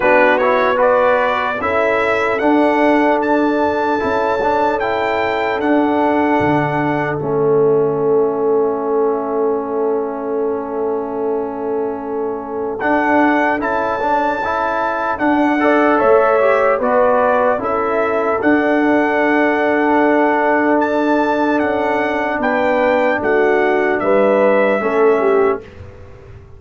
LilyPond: <<
  \new Staff \with { instrumentName = "trumpet" } { \time 4/4 \tempo 4 = 75 b'8 cis''8 d''4 e''4 fis''4 | a''2 g''4 fis''4~ | fis''4 e''2.~ | e''1 |
fis''4 a''2 fis''4 | e''4 d''4 e''4 fis''4~ | fis''2 a''4 fis''4 | g''4 fis''4 e''2 | }
  \new Staff \with { instrumentName = "horn" } { \time 4/4 fis'4 b'4 a'2~ | a'1~ | a'1~ | a'1~ |
a'2.~ a'8 d''8 | cis''4 b'4 a'2~ | a'1 | b'4 fis'4 b'4 a'8 g'8 | }
  \new Staff \with { instrumentName = "trombone" } { \time 4/4 d'8 e'8 fis'4 e'4 d'4~ | d'4 e'8 d'8 e'4 d'4~ | d'4 cis'2.~ | cis'1 |
d'4 e'8 d'8 e'4 d'8 a'8~ | a'8 g'8 fis'4 e'4 d'4~ | d'1~ | d'2. cis'4 | }
  \new Staff \with { instrumentName = "tuba" } { \time 4/4 b2 cis'4 d'4~ | d'4 cis'2 d'4 | d4 a2.~ | a1 |
d'4 cis'2 d'4 | a4 b4 cis'4 d'4~ | d'2. cis'4 | b4 a4 g4 a4 | }
>>